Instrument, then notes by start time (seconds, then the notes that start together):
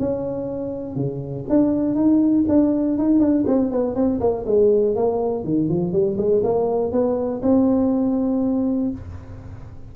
tuba
0.00 C#4
0.96 C#3
1.49 D4
1.96 D#4
2.49 D4
2.99 D#4
3.20 D4
3.47 C4
3.72 B3
3.96 C4
4.21 A#3
4.47 G#3
4.96 A#3
5.44 D#3
5.69 F3
5.93 G3
6.18 G#3
6.44 A#3
6.92 B3
7.43 C4